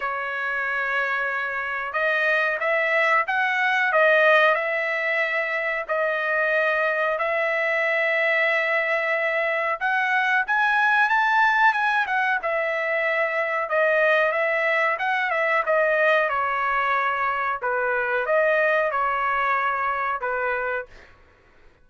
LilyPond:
\new Staff \with { instrumentName = "trumpet" } { \time 4/4 \tempo 4 = 92 cis''2. dis''4 | e''4 fis''4 dis''4 e''4~ | e''4 dis''2 e''4~ | e''2. fis''4 |
gis''4 a''4 gis''8 fis''8 e''4~ | e''4 dis''4 e''4 fis''8 e''8 | dis''4 cis''2 b'4 | dis''4 cis''2 b'4 | }